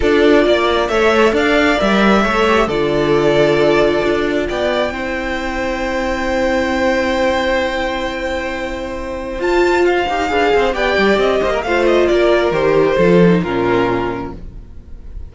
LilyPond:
<<
  \new Staff \with { instrumentName = "violin" } { \time 4/4 \tempo 4 = 134 d''2 e''4 f''4 | e''2 d''2~ | d''2 g''2~ | g''1~ |
g''1~ | g''4 a''4 f''2 | g''4 dis''4 f''8 dis''8 d''4 | c''2 ais'2 | }
  \new Staff \with { instrumentName = "violin" } { \time 4/4 a'4 d''4 cis''4 d''4~ | d''4 cis''4 a'2~ | a'2 d''4 c''4~ | c''1~ |
c''1~ | c''2. b'8 c''8 | d''4. c''16 ais'16 c''4 ais'4~ | ais'4 a'4 f'2 | }
  \new Staff \with { instrumentName = "viola" } { \time 4/4 f'2 a'2 | ais'4 a'8 g'8 f'2~ | f'2. e'4~ | e'1~ |
e'1~ | e'4 f'4. g'8 gis'4 | g'2 f'2 | g'4 f'8 dis'8 cis'2 | }
  \new Staff \with { instrumentName = "cello" } { \time 4/4 d'4 ais4 a4 d'4 | g4 a4 d2~ | d4 d'4 b4 c'4~ | c'1~ |
c'1~ | c'4 f'4. dis'8 d'8 c'8 | b8 g8 c'8 ais8 a4 ais4 | dis4 f4 ais,2 | }
>>